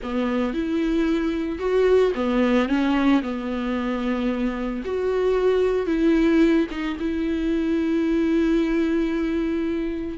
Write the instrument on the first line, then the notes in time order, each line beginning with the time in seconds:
viola
0.02 B3
0.53 E4
1.58 F#4
2.15 B3
2.68 C#4
3.22 B3
4.84 F#4
5.86 E4
6.70 D#4
6.99 E4